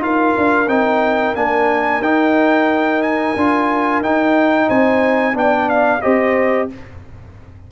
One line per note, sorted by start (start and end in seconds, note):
0.00 0.33 D#4
0.00 0.67 F4
0.00 4.68 A#4
0.00 0.69 F5
0.38 0.67 D4
0.67 1.34 C4
0.67 1.36 D#4
0.67 1.36 G5
1.36 2.01 A#3
1.36 2.02 D4
1.36 2.02 G#5
2.01 3.34 D#4
2.01 3.37 D#4
2.01 3.02 G5
3.02 4.02 G#5
3.36 4.01 D4
3.36 4.04 F4
4.01 4.67 D#4
4.01 5.34 D#4
4.01 4.70 G5
4.68 5.35 C4
4.68 5.35 C5
4.68 5.37 G#5
5.34 6.02 B3
5.34 6.00 D4
5.34 6.03 D5
5.34 5.69 G5
5.69 6.02 F5
6.02 6.72 C4
6.02 6.70 G4
6.02 6.70 C5
6.02 6.69 D#5